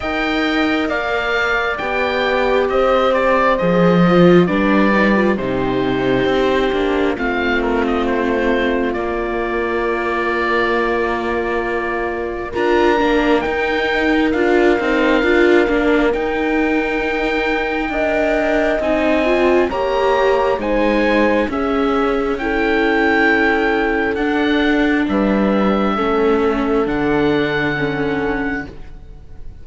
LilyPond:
<<
  \new Staff \with { instrumentName = "oboe" } { \time 4/4 \tempo 4 = 67 g''4 f''4 g''4 dis''8 d''8 | dis''4 d''4 c''2 | f''8 ais'16 dis''16 c''4 d''2~ | d''2 ais''4 g''4 |
f''2 g''2~ | g''4 gis''4 ais''4 gis''4 | e''4 g''2 fis''4 | e''2 fis''2 | }
  \new Staff \with { instrumentName = "horn" } { \time 4/4 dis''4 d''2 c''4~ | c''4 b'4 g'2 | f'1~ | f'2 ais'2~ |
ais'1 | dis''2 cis''4 c''4 | gis'4 a'2. | b'4 a'2. | }
  \new Staff \with { instrumentName = "viola" } { \time 4/4 ais'2 g'2 | gis'8 f'8 d'8 dis'16 f'16 dis'4. d'8 | c'2 ais2~ | ais2 f'8 d'8 dis'4 |
f'8 dis'8 f'8 d'8 dis'2 | ais'4 dis'8 f'8 g'4 dis'4 | cis'4 e'2 d'4~ | d'4 cis'4 d'4 cis'4 | }
  \new Staff \with { instrumentName = "cello" } { \time 4/4 dis'4 ais4 b4 c'4 | f4 g4 c4 c'8 ais8 | a2 ais2~ | ais2 d'8 ais8 dis'4 |
d'8 c'8 d'8 ais8 dis'2 | d'4 c'4 ais4 gis4 | cis'2. d'4 | g4 a4 d2 | }
>>